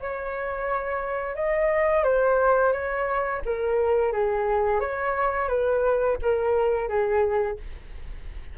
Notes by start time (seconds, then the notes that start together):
0.00 C#5
1.35 D#5
2.04 C5
2.73 C#5
3.45 A#4
4.13 G#4
4.80 C#5
5.48 B4
6.22 A#4
6.88 G#4